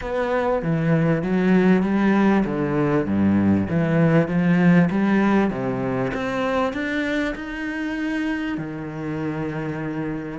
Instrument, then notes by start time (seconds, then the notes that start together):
cello
0.01 B3
0.62 E3
1.22 F#3
1.83 G3
2.45 D3
3.06 G2
3.69 E3
4.28 F3
4.90 G3
5.50 C3
6.13 C4
6.73 D4
7.35 D#4
8.57 D#3